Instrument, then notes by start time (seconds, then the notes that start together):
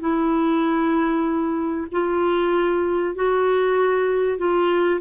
clarinet
0.00 E4
1.91 F4
3.15 F#4
4.38 F4